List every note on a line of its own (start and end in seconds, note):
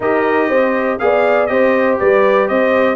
0.00 0.49 D#4
0.00 0.99 G4
0.00 0.48 A#4
0.00 0.98 D#5
0.48 0.99 C4
0.48 0.98 C5
0.98 1.49 B3
0.98 1.48 G#4
0.98 1.50 D5
0.98 1.46 F5
1.46 1.99 C4
1.46 2.95 G4
1.46 1.99 C5
1.46 1.96 D#5
1.99 2.49 G3
1.99 2.48 B4
1.99 2.48 D5
2.48 2.95 C4
2.48 2.95 C5
2.48 2.95 D#5